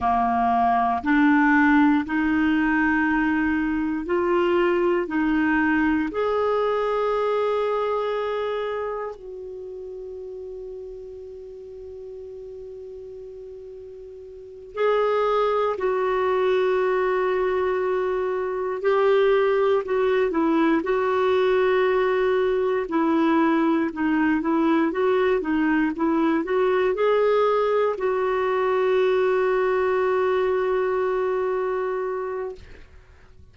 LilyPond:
\new Staff \with { instrumentName = "clarinet" } { \time 4/4 \tempo 4 = 59 ais4 d'4 dis'2 | f'4 dis'4 gis'2~ | gis'4 fis'2.~ | fis'2~ fis'8 gis'4 fis'8~ |
fis'2~ fis'8 g'4 fis'8 | e'8 fis'2 e'4 dis'8 | e'8 fis'8 dis'8 e'8 fis'8 gis'4 fis'8~ | fis'1 | }